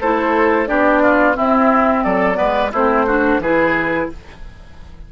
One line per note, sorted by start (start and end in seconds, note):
0.00 0.68 A3
0.00 0.66 E4
0.00 0.68 A4
0.00 0.67 C5
0.66 1.37 B3
0.66 1.34 D4
0.66 1.02 G4
0.66 1.35 D5
1.02 1.36 F4
1.34 2.34 C4
1.34 2.05 C4
1.34 2.03 E4
1.34 2.03 E5
2.03 2.39 F#3
2.03 2.37 A4
2.03 2.71 D5
2.34 2.72 G#3
2.34 2.68 B3
2.34 2.71 B4
2.71 3.38 A3
2.71 3.07 C4
2.71 3.05 E4
2.71 3.41 C5
3.06 3.41 D4
3.06 3.40 F#4
3.38 4.06 E3
3.38 4.12 E4
3.38 4.10 G#4
3.38 4.09 B4